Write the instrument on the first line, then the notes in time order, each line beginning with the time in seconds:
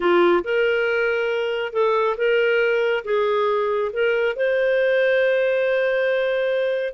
clarinet
0.00 F4
0.44 A#4
1.73 A4
2.17 A#4
3.04 G#4
3.92 A#4
4.36 C5